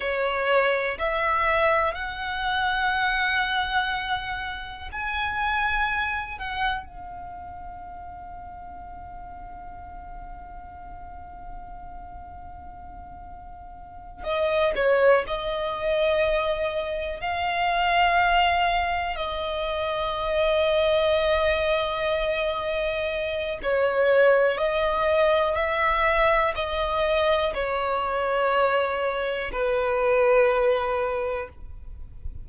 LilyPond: \new Staff \with { instrumentName = "violin" } { \time 4/4 \tempo 4 = 61 cis''4 e''4 fis''2~ | fis''4 gis''4. fis''8 f''4~ | f''1~ | f''2~ f''8 dis''8 cis''8 dis''8~ |
dis''4. f''2 dis''8~ | dis''1 | cis''4 dis''4 e''4 dis''4 | cis''2 b'2 | }